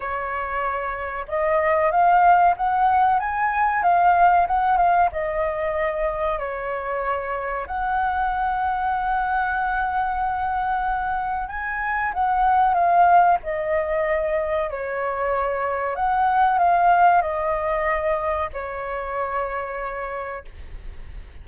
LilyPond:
\new Staff \with { instrumentName = "flute" } { \time 4/4 \tempo 4 = 94 cis''2 dis''4 f''4 | fis''4 gis''4 f''4 fis''8 f''8 | dis''2 cis''2 | fis''1~ |
fis''2 gis''4 fis''4 | f''4 dis''2 cis''4~ | cis''4 fis''4 f''4 dis''4~ | dis''4 cis''2. | }